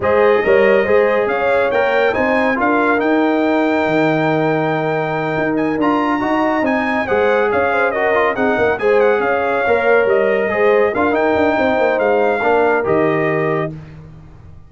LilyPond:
<<
  \new Staff \with { instrumentName = "trumpet" } { \time 4/4 \tempo 4 = 140 dis''2. f''4 | g''4 gis''4 f''4 g''4~ | g''1~ | g''4 gis''8 ais''2 gis''8~ |
gis''8 fis''4 f''4 dis''4 fis''8~ | fis''8 gis''8 fis''8 f''2 dis''8~ | dis''4. f''8 g''2 | f''2 dis''2 | }
  \new Staff \with { instrumentName = "horn" } { \time 4/4 c''4 cis''4 c''4 cis''4~ | cis''4 c''4 ais'2~ | ais'1~ | ais'2~ ais'8 dis''4.~ |
dis''8 c''4 cis''8 c''8 ais'4 gis'8 | ais'8 c''4 cis''2~ cis''8~ | cis''8 c''4 ais'4. c''4~ | c''4 ais'2. | }
  \new Staff \with { instrumentName = "trombone" } { \time 4/4 gis'4 ais'4 gis'2 | ais'4 dis'4 f'4 dis'4~ | dis'1~ | dis'4. f'4 fis'4 dis'8~ |
dis'8 gis'2 fis'8 f'8 dis'8~ | dis'8 gis'2 ais'4.~ | ais'8 gis'4 f'8 dis'2~ | dis'4 d'4 g'2 | }
  \new Staff \with { instrumentName = "tuba" } { \time 4/4 gis4 g4 gis4 cis'4 | ais4 c'4 d'4 dis'4~ | dis'4 dis2.~ | dis8 dis'4 d'4 dis'4 c'8~ |
c'8 gis4 cis'2 c'8 | ais8 gis4 cis'4 ais4 g8~ | g8 gis4 d'8 dis'8 d'8 c'8 ais8 | gis4 ais4 dis2 | }
>>